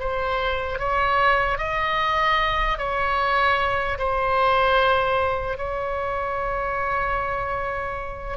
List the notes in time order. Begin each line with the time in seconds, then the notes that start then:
0.00 C5
0.79 C#5
1.59 D#5
2.79 C#5
3.99 C5
5.58 C#5